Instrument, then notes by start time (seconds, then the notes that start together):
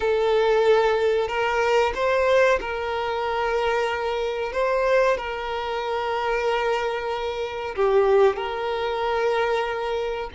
violin
0.00 A4
1.28 A#4
1.94 C5
2.60 A#4
4.52 C5
5.17 A#4
7.75 G4
8.36 A#4